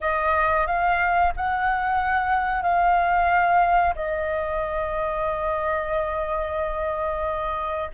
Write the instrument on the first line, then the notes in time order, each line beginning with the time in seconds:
flute
0.00 D#5
0.67 F5
1.36 F#5
2.62 F5
3.95 D#5